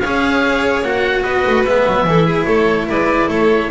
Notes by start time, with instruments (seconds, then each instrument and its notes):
0.00 double bass C#4, cello G#4, violin C#5, oboe F5
0.83 double bass A#3, cello F#4, oboe F#5
1.23 double bass B3, violin B4, oboe D#5
1.47 double bass A3
1.66 double bass G#3, cello B3, oboe E5
1.87 double bass F#3
2.05 double bass E3, cello E4, violin A4
2.27 violin G#4
2.45 double bass A3, violin A4, oboe C#5
2.88 double bass G#3, violin B4, oboe D5
3.29 double bass A3, violin A4, oboe C#5